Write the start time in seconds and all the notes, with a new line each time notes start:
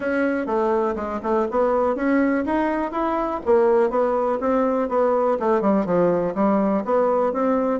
0.00 C#4
0.46 A3
0.95 G#3
1.22 A3
1.50 B3
1.95 C#4
2.45 D#4
2.91 E4
3.45 A#3
3.89 B3
4.40 C4
4.88 B3
5.39 A3
5.61 G3
5.85 F3
6.34 G3
6.84 B3
7.32 C4